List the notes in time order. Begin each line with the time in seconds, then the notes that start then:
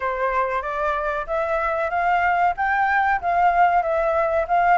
0.00 C5
0.62 D5
1.26 E5
1.90 F5
2.56 G5
3.21 F5
3.82 E5
4.47 F5